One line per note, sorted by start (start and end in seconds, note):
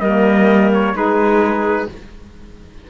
0.00 0.93 G3
0.00 0.94 A#3
0.00 0.95 A#4
0.00 0.71 D#5
0.74 0.96 C#5
0.93 1.87 G#3
0.93 1.88 D#4
0.93 1.89 G#4
0.93 1.90 B4